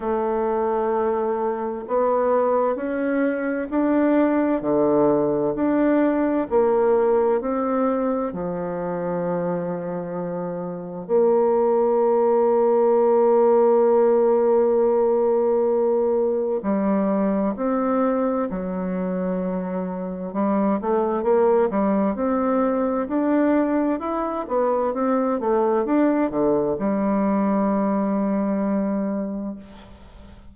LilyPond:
\new Staff \with { instrumentName = "bassoon" } { \time 4/4 \tempo 4 = 65 a2 b4 cis'4 | d'4 d4 d'4 ais4 | c'4 f2. | ais1~ |
ais2 g4 c'4 | fis2 g8 a8 ais8 g8 | c'4 d'4 e'8 b8 c'8 a8 | d'8 d8 g2. | }